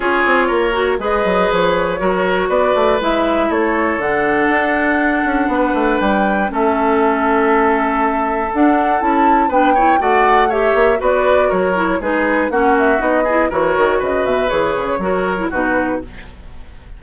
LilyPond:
<<
  \new Staff \with { instrumentName = "flute" } { \time 4/4 \tempo 4 = 120 cis''2 dis''4 cis''4~ | cis''4 d''4 e''4 cis''4 | fis''1 | g''4 e''2.~ |
e''4 fis''4 a''4 g''4 | fis''4 e''4 d''4 cis''4 | b'4 fis''8 e''8 dis''4 cis''4 | dis''8 e''8 cis''2 b'4 | }
  \new Staff \with { instrumentName = "oboe" } { \time 4/4 gis'4 ais'4 b'2 | ais'4 b'2 a'4~ | a'2. b'4~ | b'4 a'2.~ |
a'2. b'8 cis''8 | d''4 cis''4 b'4 ais'4 | gis'4 fis'4. gis'8 ais'4 | b'2 ais'4 fis'4 | }
  \new Staff \with { instrumentName = "clarinet" } { \time 4/4 f'4. fis'8 gis'2 | fis'2 e'2 | d'1~ | d'4 cis'2.~ |
cis'4 d'4 e'4 d'8 e'8 | fis'4 g'4 fis'4. e'8 | dis'4 cis'4 dis'8 e'8 fis'4~ | fis'4 gis'4 fis'8. e'16 dis'4 | }
  \new Staff \with { instrumentName = "bassoon" } { \time 4/4 cis'8 c'8 ais4 gis8 fis8 f4 | fis4 b8 a8 gis4 a4 | d4 d'4. cis'8 b8 a8 | g4 a2.~ |
a4 d'4 cis'4 b4 | a4. ais8 b4 fis4 | gis4 ais4 b4 e8 dis8 | cis8 b,8 e8 cis8 fis4 b,4 | }
>>